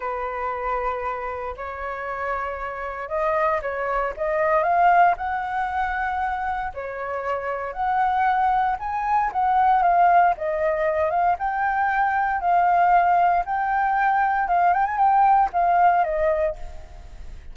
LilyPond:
\new Staff \with { instrumentName = "flute" } { \time 4/4 \tempo 4 = 116 b'2. cis''4~ | cis''2 dis''4 cis''4 | dis''4 f''4 fis''2~ | fis''4 cis''2 fis''4~ |
fis''4 gis''4 fis''4 f''4 | dis''4. f''8 g''2 | f''2 g''2 | f''8 g''16 gis''16 g''4 f''4 dis''4 | }